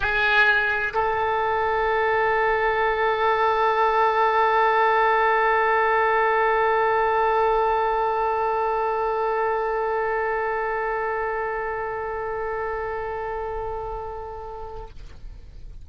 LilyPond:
\new Staff \with { instrumentName = "oboe" } { \time 4/4 \tempo 4 = 129 gis'2 a'2~ | a'1~ | a'1~ | a'1~ |
a'1~ | a'1~ | a'1~ | a'1 | }